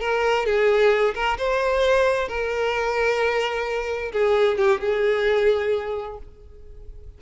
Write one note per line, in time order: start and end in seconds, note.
0.00 0.46 A#4
0.46 1.14 G#4
1.15 1.37 A#4
1.38 2.28 C5
2.28 4.12 A#4
4.12 4.58 G#4
4.58 4.80 G4
4.80 6.18 G#4